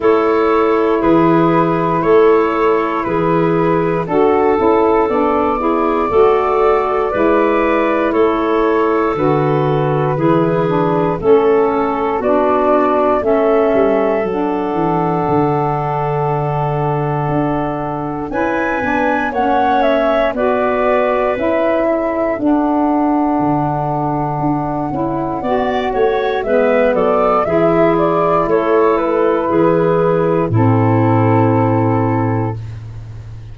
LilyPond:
<<
  \new Staff \with { instrumentName = "flute" } { \time 4/4 \tempo 4 = 59 cis''4 b'4 cis''4 b'4 | a'4 d''2. | cis''4 b'2 a'4 | d''4 e''4 fis''2~ |
fis''2 gis''4 fis''8 e''8 | d''4 e''4 fis''2~ | fis''2 e''8 d''8 e''8 d''8 | cis''8 b'4. a'2 | }
  \new Staff \with { instrumentName = "clarinet" } { \time 4/4 a'4 gis'4 a'4 gis'4 | a'4. gis'8 a'4 b'4 | a'2 gis'4 a'4 | fis'4 a'2.~ |
a'2 b'4 cis''4 | b'4. a'2~ a'8~ | a'4 d''8 cis''8 b'8 a'8 gis'4 | a'4 gis'4 e'2 | }
  \new Staff \with { instrumentName = "saxophone" } { \time 4/4 e'1 | fis'8 e'8 d'8 e'8 fis'4 e'4~ | e'4 fis'4 e'8 d'8 cis'4 | d'4 cis'4 d'2~ |
d'2 e'8 d'8 cis'4 | fis'4 e'4 d'2~ | d'8 e'8 fis'4 b4 e'4~ | e'2 c'2 | }
  \new Staff \with { instrumentName = "tuba" } { \time 4/4 a4 e4 a4 e4 | d'8 cis'8 b4 a4 gis4 | a4 d4 e4 a4 | b4 a8 g8 fis8 e8 d4~ |
d4 d'4 cis'8 b8 ais4 | b4 cis'4 d'4 d4 | d'8 cis'8 b8 a8 gis8 fis8 e4 | a4 e4 a,2 | }
>>